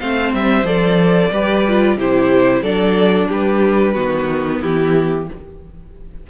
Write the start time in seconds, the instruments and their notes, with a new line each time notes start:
0.00 cello A3, viola C4, violin C5 F5
0.34 cello G3, violin E5
0.64 cello F3, viola A4, violin D5
1.31 cello G3, viola G4, violin B4
1.69 viola F4
1.97 cello C3, viola E4, violin G4 C5
2.62 cello F#3, viola D4, violin A4 D5
3.29 cello G3, violin G4 B4
3.94 cello D#3, viola B3, violin F#4
4.61 cello E3, violin E4 G4